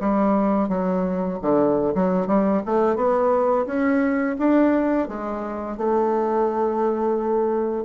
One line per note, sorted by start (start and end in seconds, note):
0.00 0.68 G3
0.68 1.38 F#3
1.42 1.94 D3
1.94 2.27 F#3
2.27 2.62 G3
2.65 2.96 A3
2.96 3.65 B3
3.66 4.36 C#4
4.38 5.08 D4
5.08 5.77 G#3
5.77 7.84 A3